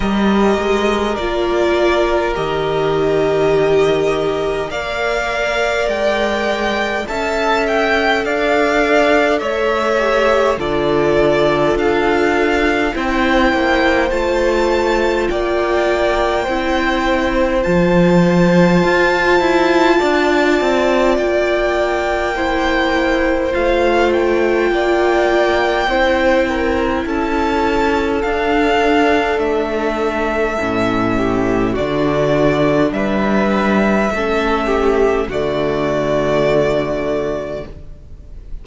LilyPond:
<<
  \new Staff \with { instrumentName = "violin" } { \time 4/4 \tempo 4 = 51 dis''4 d''4 dis''2 | f''4 g''4 a''8 g''8 f''4 | e''4 d''4 f''4 g''4 | a''4 g''2 a''4~ |
a''2 g''2 | f''8 g''2~ g''8 a''4 | f''4 e''2 d''4 | e''2 d''2 | }
  \new Staff \with { instrumentName = "violin" } { \time 4/4 ais'1 | d''2 e''4 d''4 | cis''4 a'2 c''4~ | c''4 d''4 c''2~ |
c''4 d''2 c''4~ | c''4 d''4 c''8 ais'8 a'4~ | a'2~ a'8 g'8 fis'4 | b'4 a'8 g'8 fis'2 | }
  \new Staff \with { instrumentName = "viola" } { \time 4/4 g'4 f'4 g'2 | ais'2 a'2~ | a'8 g'8 f'2 e'4 | f'2 e'4 f'4~ |
f'2. e'4 | f'2 e'2 | d'2 cis'4 d'4~ | d'4 cis'4 a2 | }
  \new Staff \with { instrumentName = "cello" } { \time 4/4 g8 gis8 ais4 dis2 | ais4 gis4 cis'4 d'4 | a4 d4 d'4 c'8 ais8 | a4 ais4 c'4 f4 |
f'8 e'8 d'8 c'8 ais2 | a4 ais4 c'4 cis'4 | d'4 a4 a,4 d4 | g4 a4 d2 | }
>>